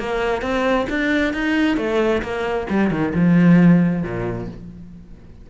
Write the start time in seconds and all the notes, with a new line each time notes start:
0.00 A#3
0.43 C4
0.90 D4
1.34 D#4
1.78 A3
2.23 A#3
2.70 G3
2.91 D#3
3.15 F3
4.04 A#2